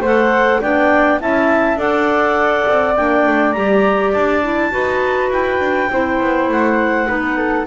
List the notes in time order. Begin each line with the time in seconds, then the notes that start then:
0.00 A3 A4 C5 F#5
0.61 B3 D4 D5 G5
1.20 C#4 E4 E5 A5
1.76 D4 A4 D5 F#5
2.69 C4
2.96 A#3 D4 G5
3.26 A3
3.53 G3 G4 A#5
4.13 D4 A5
4.43 E4
4.71 D#4 F#4 B4
5.31 E4 G5
5.60 D4
5.91 C4 E4 C5
6.21 B3
6.49 A3 F#5
7.07 B3 D#4 B4
7.37 A4